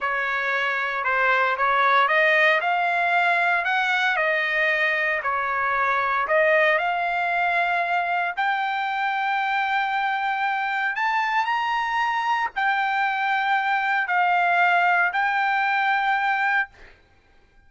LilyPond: \new Staff \with { instrumentName = "trumpet" } { \time 4/4 \tempo 4 = 115 cis''2 c''4 cis''4 | dis''4 f''2 fis''4 | dis''2 cis''2 | dis''4 f''2. |
g''1~ | g''4 a''4 ais''2 | g''2. f''4~ | f''4 g''2. | }